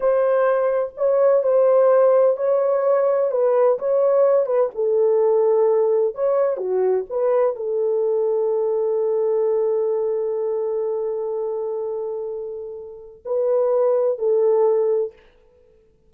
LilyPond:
\new Staff \with { instrumentName = "horn" } { \time 4/4 \tempo 4 = 127 c''2 cis''4 c''4~ | c''4 cis''2 b'4 | cis''4. b'8 a'2~ | a'4 cis''4 fis'4 b'4 |
a'1~ | a'1~ | a'1 | b'2 a'2 | }